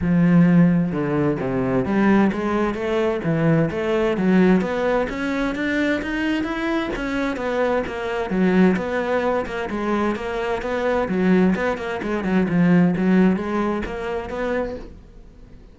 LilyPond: \new Staff \with { instrumentName = "cello" } { \time 4/4 \tempo 4 = 130 f2 d4 c4 | g4 gis4 a4 e4 | a4 fis4 b4 cis'4 | d'4 dis'4 e'4 cis'4 |
b4 ais4 fis4 b4~ | b8 ais8 gis4 ais4 b4 | fis4 b8 ais8 gis8 fis8 f4 | fis4 gis4 ais4 b4 | }